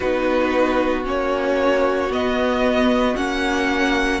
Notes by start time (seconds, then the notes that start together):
0.00 B3 D#4 F#4 B4
1.04 A#3 C#4 C#5
2.09 B3 D#5
3.16 A#3 C#4 F#5